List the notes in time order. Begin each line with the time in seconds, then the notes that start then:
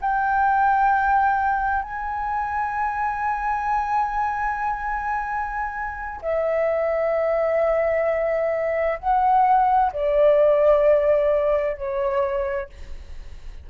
0.00 G5
1.82 G#5
6.21 E5
8.99 F#5
9.92 D5
11.77 C#5